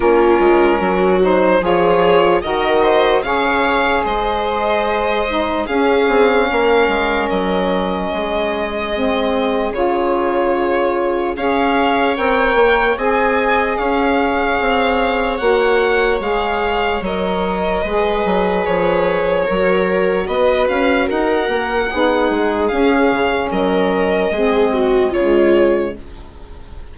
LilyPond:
<<
  \new Staff \with { instrumentName = "violin" } { \time 4/4 \tempo 4 = 74 ais'4. c''8 cis''4 dis''4 | f''4 dis''2 f''4~ | f''4 dis''2. | cis''2 f''4 g''4 |
gis''4 f''2 fis''4 | f''4 dis''2 cis''4~ | cis''4 dis''8 f''8 fis''2 | f''4 dis''2 cis''4 | }
  \new Staff \with { instrumentName = "viola" } { \time 4/4 f'4 fis'4 gis'4 ais'8 c''8 | cis''4 c''2 gis'4 | ais'2 gis'2~ | gis'2 cis''2 |
dis''4 cis''2.~ | cis''2 b'2 | ais'4 b'4 ais'4 gis'4~ | gis'4 ais'4 gis'8 fis'8 f'4 | }
  \new Staff \with { instrumentName = "saxophone" } { \time 4/4 cis'4. dis'8 f'4 fis'4 | gis'2~ gis'8 dis'8 cis'4~ | cis'2. c'4 | f'2 gis'4 ais'4 |
gis'2. fis'4 | gis'4 ais'4 gis'2 | fis'2. dis'4 | cis'2 c'4 gis4 | }
  \new Staff \with { instrumentName = "bassoon" } { \time 4/4 ais8 gis8 fis4 f4 dis4 | cis4 gis2 cis'8 c'8 | ais8 gis8 fis4 gis2 | cis2 cis'4 c'8 ais8 |
c'4 cis'4 c'4 ais4 | gis4 fis4 gis8 fis8 f4 | fis4 b8 cis'8 dis'8 ais8 b8 gis8 | cis'8 cis8 fis4 gis4 cis4 | }
>>